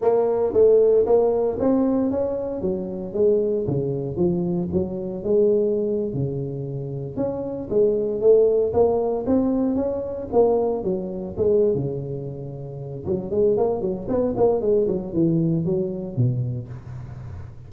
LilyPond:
\new Staff \with { instrumentName = "tuba" } { \time 4/4 \tempo 4 = 115 ais4 a4 ais4 c'4 | cis'4 fis4 gis4 cis4 | f4 fis4 gis4.~ gis16 cis16~ | cis4.~ cis16 cis'4 gis4 a16~ |
a8. ais4 c'4 cis'4 ais16~ | ais8. fis4 gis8. cis4.~ | cis4 fis8 gis8 ais8 fis8 b8 ais8 | gis8 fis8 e4 fis4 b,4 | }